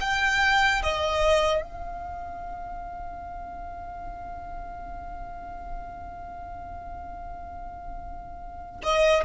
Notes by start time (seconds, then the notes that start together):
0.00 G5
0.83 D#5
1.61 F5
8.83 D#5